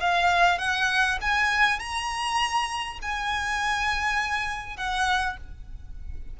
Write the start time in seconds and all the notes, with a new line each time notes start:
0.00 F5
0.58 F#5
1.21 G#5
1.79 A#5
3.02 G#5
4.77 F#5